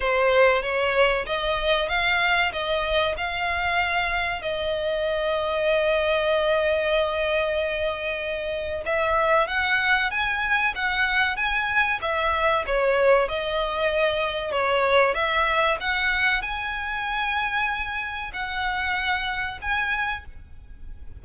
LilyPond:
\new Staff \with { instrumentName = "violin" } { \time 4/4 \tempo 4 = 95 c''4 cis''4 dis''4 f''4 | dis''4 f''2 dis''4~ | dis''1~ | dis''2 e''4 fis''4 |
gis''4 fis''4 gis''4 e''4 | cis''4 dis''2 cis''4 | e''4 fis''4 gis''2~ | gis''4 fis''2 gis''4 | }